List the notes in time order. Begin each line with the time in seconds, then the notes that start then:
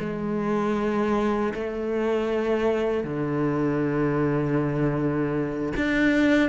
0.00 G#3
1.55 A3
3.04 D3
5.77 D4